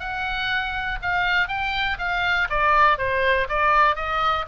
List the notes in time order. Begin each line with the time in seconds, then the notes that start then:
0.00 F#5
1.03 F5
1.48 G5
1.99 F5
2.50 D5
2.98 C5
3.49 D5
3.96 D#5